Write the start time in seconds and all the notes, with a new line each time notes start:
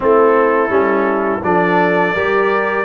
0.00 A3 C4 E4 A4
0.69 G3 C#4
1.42 F3 D4 A4 D5
2.14 G3 G4 A#4